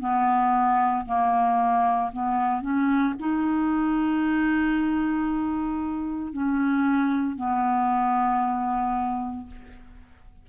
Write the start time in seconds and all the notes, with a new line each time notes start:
0.00 B3
1.06 A#3
2.12 B3
2.61 C#4
3.19 D#4
6.33 C#4
7.36 B3